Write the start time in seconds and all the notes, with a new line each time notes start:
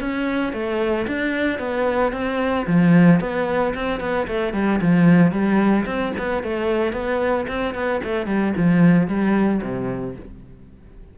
0.00 C#4
0.53 A3
1.07 D4
1.59 B3
2.13 C4
2.67 F3
3.21 B3
3.75 C4
4.00 B3
4.28 A3
4.53 G3
4.81 F3
5.32 G3
5.86 C4
6.18 B3
6.43 A3
6.93 B3
7.48 C4
7.75 B3
8.04 A3
8.27 G3
8.57 F3
9.08 G3
9.63 C3